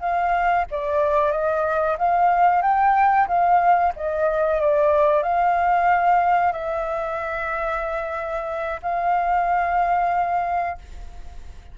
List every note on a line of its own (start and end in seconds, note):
0.00 0.65 F5
0.71 1.32 D5
1.32 1.97 D#5
1.98 2.62 F5
2.62 3.27 G5
3.28 3.93 F5
3.96 4.60 D#5
4.60 5.23 D5
5.23 6.52 F5
6.52 8.80 E5
8.82 10.78 F5